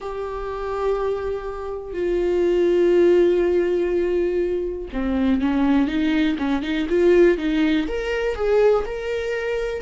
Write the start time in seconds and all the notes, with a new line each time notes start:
0.00 G4
1.93 F4
4.92 C4
5.41 C#4
5.87 D#4
6.38 C#4
6.62 D#4
6.89 F4
7.37 D#4
7.87 A#4
8.35 G#4
8.85 A#4